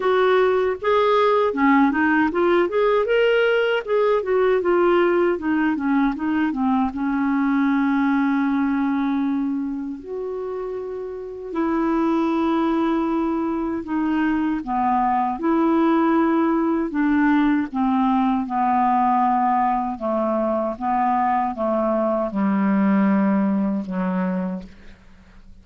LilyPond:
\new Staff \with { instrumentName = "clarinet" } { \time 4/4 \tempo 4 = 78 fis'4 gis'4 cis'8 dis'8 f'8 gis'8 | ais'4 gis'8 fis'8 f'4 dis'8 cis'8 | dis'8 c'8 cis'2.~ | cis'4 fis'2 e'4~ |
e'2 dis'4 b4 | e'2 d'4 c'4 | b2 a4 b4 | a4 g2 fis4 | }